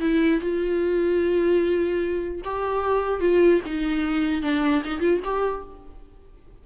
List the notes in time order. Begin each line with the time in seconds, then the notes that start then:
0.00 E4
0.40 F4
2.44 G4
3.20 F4
3.65 D#4
4.42 D4
4.84 D#4
5.00 F4
5.24 G4